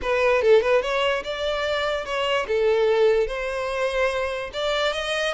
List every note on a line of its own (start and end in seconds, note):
0.02 0.42 B4
0.42 0.61 A4
0.61 0.82 B4
0.82 1.23 C#5
1.23 2.05 D5
2.05 2.46 C#5
2.47 3.27 A4
3.27 4.50 C5
4.53 4.92 D5
4.92 5.33 D#5